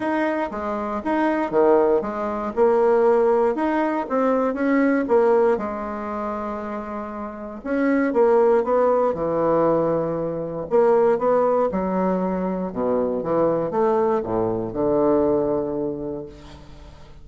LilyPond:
\new Staff \with { instrumentName = "bassoon" } { \time 4/4 \tempo 4 = 118 dis'4 gis4 dis'4 dis4 | gis4 ais2 dis'4 | c'4 cis'4 ais4 gis4~ | gis2. cis'4 |
ais4 b4 e2~ | e4 ais4 b4 fis4~ | fis4 b,4 e4 a4 | a,4 d2. | }